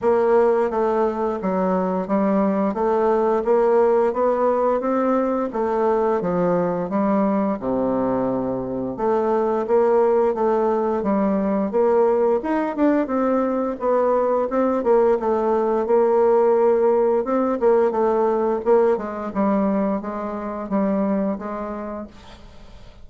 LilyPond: \new Staff \with { instrumentName = "bassoon" } { \time 4/4 \tempo 4 = 87 ais4 a4 fis4 g4 | a4 ais4 b4 c'4 | a4 f4 g4 c4~ | c4 a4 ais4 a4 |
g4 ais4 dis'8 d'8 c'4 | b4 c'8 ais8 a4 ais4~ | ais4 c'8 ais8 a4 ais8 gis8 | g4 gis4 g4 gis4 | }